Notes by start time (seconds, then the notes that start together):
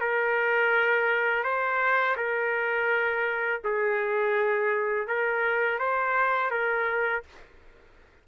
0.00 A#4
1.43 C5
2.16 A#4
3.64 G#4
5.07 A#4
5.79 C5
6.50 A#4